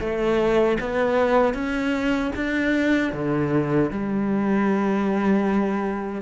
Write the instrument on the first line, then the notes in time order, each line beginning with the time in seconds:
cello
0.00 A3
0.80 B3
1.54 C#4
2.36 D4
3.13 D3
3.91 G3